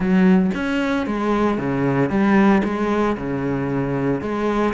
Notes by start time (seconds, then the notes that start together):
0.00 F#3
0.54 C#4
1.06 G#3
1.58 C#3
2.09 G3
2.64 G#3
3.17 C#3
4.21 G#3